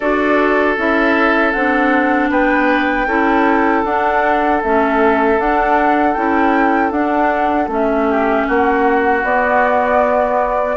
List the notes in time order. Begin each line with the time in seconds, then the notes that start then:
0.00 D4 F#4 A4 D5
0.77 C#4 E4 E5
1.51 C4 D4 F#5
2.30 B3 B4 G5
3.06 C#4 E4 A4
3.84 D4 F#5
4.63 A3 C#4 E5
5.38 D4 F#5
6.13 C#4 E4 G5
6.91 D4 F#5
7.67 A3 C#4 E5
8.09 G4
8.47 A#3 F#4 F#5
9.23 B3 D5